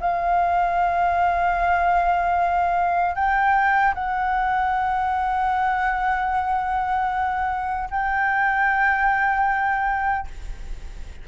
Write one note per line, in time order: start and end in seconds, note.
0.00 3.15 F5
3.15 3.94 G5
3.94 7.89 F#5
7.90 10.27 G5